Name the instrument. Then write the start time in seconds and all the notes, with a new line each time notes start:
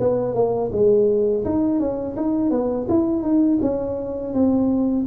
tuba
0.00 B3
0.35 A#3
0.72 G#3
1.45 D#4
1.80 C#4
2.17 D#4
2.51 B3
2.89 E4
3.23 D#4
3.62 C#4
4.34 C4